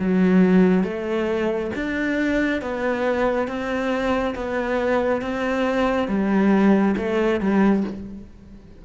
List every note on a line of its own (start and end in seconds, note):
0.00 0.84 F#3
0.84 1.71 A3
1.75 2.62 D4
2.62 3.48 B3
3.48 4.35 C4
4.36 5.22 B3
5.22 6.09 C4
6.09 6.96 G3
6.97 7.41 A3
7.41 7.84 G3